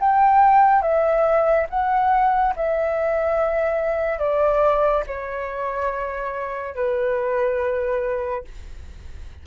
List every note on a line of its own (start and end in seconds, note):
0.00 0.82 G5
0.82 1.67 E5
1.70 2.54 F#5
2.56 4.19 E5
4.19 5.04 D5
5.07 6.76 C#5
6.76 8.45 B4